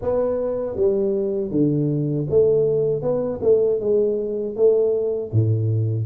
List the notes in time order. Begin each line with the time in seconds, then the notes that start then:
0.01 B3
0.76 G3
1.51 D3
2.29 A3
3.01 B3
3.42 A3
3.80 G#3
4.56 A3
5.32 A2